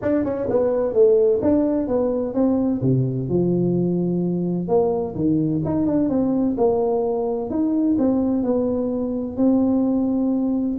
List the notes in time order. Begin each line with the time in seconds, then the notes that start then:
0.02 D4
0.24 C#4
0.49 B3
0.93 A3
1.42 D4
1.87 B3
2.34 C4
2.81 C3
3.28 F3
4.67 A#3
5.15 D#3
5.64 D#4
5.86 D4
6.09 C4
6.57 A#3
7.50 D#4
7.98 C4
8.43 B3
9.36 C4